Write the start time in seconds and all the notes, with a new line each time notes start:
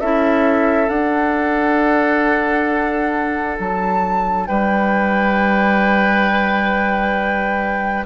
0.00 C#4 E4 A4 E5
0.88 D4 F#5
3.59 F#3 A5
4.47 G3 B4 G5